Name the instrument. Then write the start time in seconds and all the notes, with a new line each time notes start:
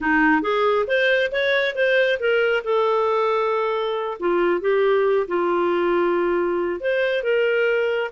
clarinet
0.00 D#4
0.42 G#4
0.87 C5
1.31 C#5
1.75 C5
2.19 A#4
2.64 A4
4.19 F4
4.61 G4
5.27 F4
6.80 C5
7.23 A#4